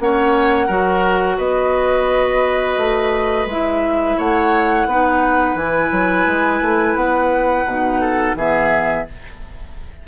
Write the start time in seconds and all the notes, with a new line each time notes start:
0.00 A#3 C#4 C#5 F#5
0.67 F#3 F#4 A#4
1.38 B3 B4 D#5
2.78 A3
3.46 G#3 E4 E5
4.18 A3 C#5 F#5
4.86 B3 D#4 B4
5.55 E3 E4 G#5
5.92 F#3
6.26 G#3
6.62 A3
6.96 B3 F#5
7.66 B2 D#4
8.01 A4
8.35 E3 B3 G#4 E5